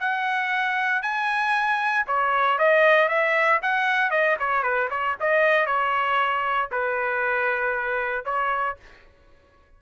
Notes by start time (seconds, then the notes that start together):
0.00 F#5
1.03 G#5
2.07 C#5
2.59 D#5
3.09 E5
3.63 F#5
4.11 D#5
4.40 C#5
4.63 B4
4.90 C#5
5.20 D#5
5.67 C#5
6.72 B4
8.25 C#5